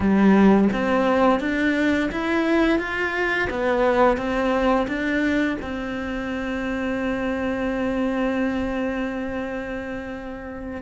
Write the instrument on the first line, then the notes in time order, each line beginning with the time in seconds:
cello
0.00 G3
0.73 C4
1.40 D4
2.11 E4
2.78 F4
3.49 B3
4.17 C4
4.87 D4
5.61 C4